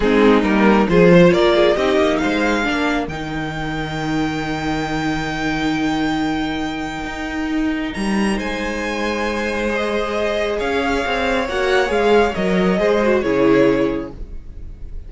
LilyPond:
<<
  \new Staff \with { instrumentName = "violin" } { \time 4/4 \tempo 4 = 136 gis'4 ais'4 c''4 d''4 | dis''4 f''2 g''4~ | g''1~ | g''1~ |
g''2 ais''4 gis''4~ | gis''2 dis''2 | f''2 fis''4 f''4 | dis''2 cis''2 | }
  \new Staff \with { instrumentName = "violin" } { \time 4/4 dis'2 gis'8 c''8 ais'8 gis'8 | g'4 c''4 ais'2~ | ais'1~ | ais'1~ |
ais'2. c''4~ | c''1 | cis''1~ | cis''4 c''4 gis'2 | }
  \new Staff \with { instrumentName = "viola" } { \time 4/4 c'4 ais4 f'2 | dis'2 d'4 dis'4~ | dis'1~ | dis'1~ |
dis'1~ | dis'2 gis'2~ | gis'2 fis'4 gis'4 | ais'4 gis'8 fis'8 e'2 | }
  \new Staff \with { instrumentName = "cello" } { \time 4/4 gis4 g4 f4 ais4 | c'8 ais8 gis4 ais4 dis4~ | dis1~ | dis1 |
dis'2 g4 gis4~ | gis1 | cis'4 c'4 ais4 gis4 | fis4 gis4 cis2 | }
>>